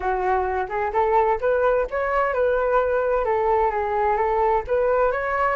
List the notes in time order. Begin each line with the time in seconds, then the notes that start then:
0.00 F#4
0.68 G#4
0.92 A4
1.40 B4
1.90 C#5
2.33 B4
3.24 A4
3.70 G#4
4.16 A4
4.67 B4
5.11 C#5